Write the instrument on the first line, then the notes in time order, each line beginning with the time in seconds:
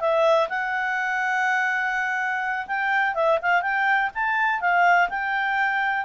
clarinet
0.00 E5
0.49 F#5
2.67 G5
3.15 E5
3.42 F5
3.62 G5
4.15 A5
4.61 F5
5.09 G5